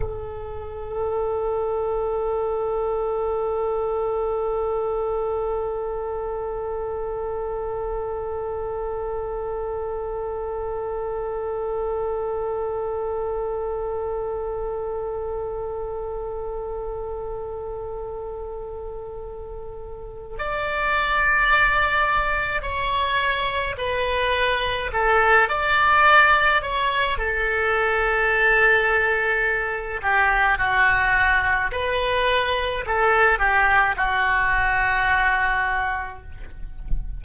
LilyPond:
\new Staff \with { instrumentName = "oboe" } { \time 4/4 \tempo 4 = 53 a'1~ | a'1~ | a'1~ | a'1~ |
a'2 d''2 | cis''4 b'4 a'8 d''4 cis''8 | a'2~ a'8 g'8 fis'4 | b'4 a'8 g'8 fis'2 | }